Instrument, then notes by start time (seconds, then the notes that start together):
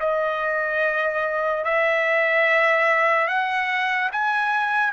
trumpet
0.00 D#5
1.64 E5
3.28 F#5
4.12 G#5